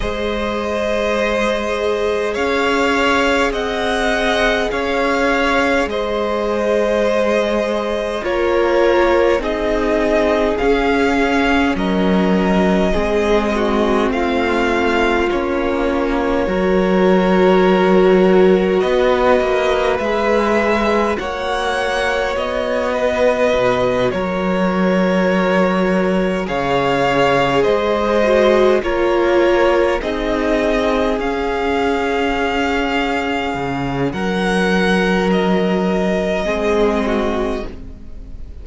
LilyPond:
<<
  \new Staff \with { instrumentName = "violin" } { \time 4/4 \tempo 4 = 51 dis''2 f''4 fis''4 | f''4 dis''2 cis''4 | dis''4 f''4 dis''2 | f''4 cis''2. |
dis''4 e''4 fis''4 dis''4~ | dis''8 cis''2 f''4 dis''8~ | dis''8 cis''4 dis''4 f''4.~ | f''4 fis''4 dis''2 | }
  \new Staff \with { instrumentName = "violin" } { \time 4/4 c''2 cis''4 dis''4 | cis''4 c''2 ais'4 | gis'2 ais'4 gis'8 fis'8 | f'2 ais'2 |
b'2 cis''4. b'8~ | b'8 ais'2 cis''4 c''8~ | c''8 ais'4 gis'2~ gis'8~ | gis'4 ais'2 gis'8 fis'8 | }
  \new Staff \with { instrumentName = "viola" } { \time 4/4 gis'1~ | gis'2. f'4 | dis'4 cis'2 c'4~ | c'4 cis'4 fis'2~ |
fis'4 gis'4 fis'2~ | fis'2~ fis'8 gis'4. | fis'8 f'4 dis'4 cis'4.~ | cis'2. c'4 | }
  \new Staff \with { instrumentName = "cello" } { \time 4/4 gis2 cis'4 c'4 | cis'4 gis2 ais4 | c'4 cis'4 fis4 gis4 | a4 ais4 fis2 |
b8 ais8 gis4 ais4 b4 | b,8 fis2 cis4 gis8~ | gis8 ais4 c'4 cis'4.~ | cis'8 cis8 fis2 gis4 | }
>>